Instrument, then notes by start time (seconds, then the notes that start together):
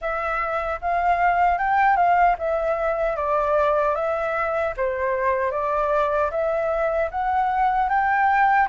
flute
0.01 E5
0.81 F5
1.58 G5
1.96 F5
2.38 E5
3.16 D5
3.95 E5
4.77 C5
5.51 D5
6.31 E5
7.11 F#5
7.89 G5